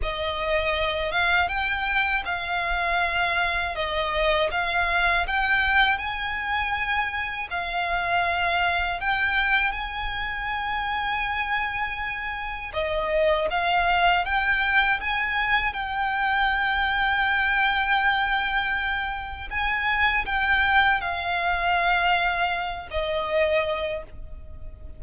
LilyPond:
\new Staff \with { instrumentName = "violin" } { \time 4/4 \tempo 4 = 80 dis''4. f''8 g''4 f''4~ | f''4 dis''4 f''4 g''4 | gis''2 f''2 | g''4 gis''2.~ |
gis''4 dis''4 f''4 g''4 | gis''4 g''2.~ | g''2 gis''4 g''4 | f''2~ f''8 dis''4. | }